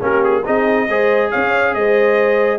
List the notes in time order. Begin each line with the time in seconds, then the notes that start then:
0.00 A#3 C#4 G4 A#4
0.24 G#4
0.44 C4 D#4 G#4 D#5
0.88 G#3 G#4 C5
1.30 C#4 C#5 F5
1.74 G#3 C5 D#5